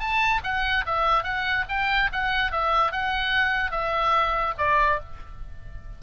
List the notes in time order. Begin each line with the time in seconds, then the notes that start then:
0.00 A5
0.44 F#5
0.86 E5
1.24 F#5
1.69 G5
2.13 F#5
2.52 E5
2.92 F#5
3.72 E5
4.59 D5